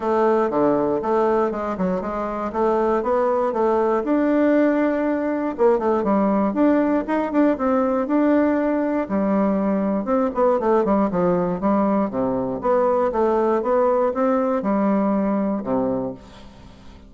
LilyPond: \new Staff \with { instrumentName = "bassoon" } { \time 4/4 \tempo 4 = 119 a4 d4 a4 gis8 fis8 | gis4 a4 b4 a4 | d'2. ais8 a8 | g4 d'4 dis'8 d'8 c'4 |
d'2 g2 | c'8 b8 a8 g8 f4 g4 | c4 b4 a4 b4 | c'4 g2 c4 | }